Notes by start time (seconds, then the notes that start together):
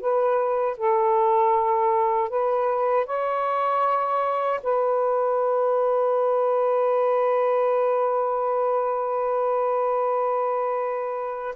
0.00 B4
0.77 A4
2.29 B4
3.06 C#5
4.63 B4